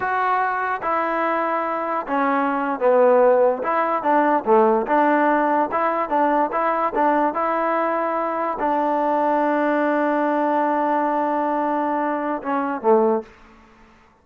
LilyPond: \new Staff \with { instrumentName = "trombone" } { \time 4/4 \tempo 4 = 145 fis'2 e'2~ | e'4 cis'4.~ cis'16 b4~ b16~ | b8. e'4 d'4 a4 d'16~ | d'4.~ d'16 e'4 d'4 e'16~ |
e'8. d'4 e'2~ e'16~ | e'8. d'2.~ d'16~ | d'1~ | d'2 cis'4 a4 | }